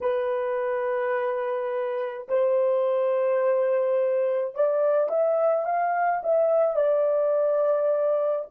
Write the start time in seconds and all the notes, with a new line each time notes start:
0.00 B4
2.28 C5
4.54 D5
5.09 E5
5.64 F5
6.23 E5
6.76 D5